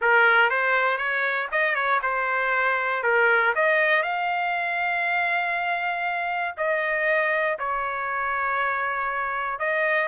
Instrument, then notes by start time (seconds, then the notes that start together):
trumpet
0.01 A#4
0.50 C5
0.97 C#5
1.51 D#5
1.75 C#5
2.02 C5
3.03 A#4
3.55 D#5
4.02 F5
6.57 D#5
7.58 C#5
9.59 D#5